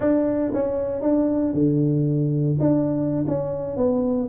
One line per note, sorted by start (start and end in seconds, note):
0.00 0.52 D4
0.53 1.01 C#4
1.01 1.53 D4
1.53 2.57 D3
2.60 3.25 D4
3.27 3.76 C#4
3.76 4.28 B3